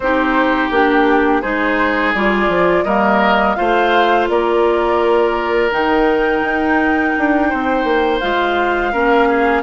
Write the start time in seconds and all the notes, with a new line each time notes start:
0.00 C4 D#4 G4 C5
0.70 A#3 D4 G4
1.41 G#3 D#4 G#4 C5
2.14 G3 F4 D5
2.48 F3
2.83 G3 A#3 A#4 D#5
3.54 A3 F4 C5 F5
4.28 A#3 A#4 D5
5.71 D#3 D#4 G5
6.42 D#4
7.18 D4
7.49 C4 C5
7.83 A#3
8.20 G#3 F4 F5
8.92 A#3 C#4 A#4
9.28 G#4